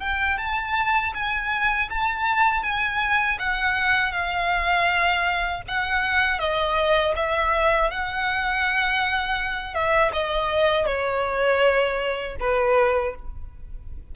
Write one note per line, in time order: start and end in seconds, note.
0.00 0.38 G5
0.38 1.13 A5
1.14 1.89 G#5
1.90 2.63 A5
2.63 3.38 G#5
3.39 4.11 F#5
4.11 5.61 F5
5.68 6.39 F#5
6.39 7.14 D#5
7.16 7.91 E5
7.91 9.74 F#5
9.74 10.11 E5
10.13 10.86 D#5
10.86 12.36 C#5
12.40 13.15 B4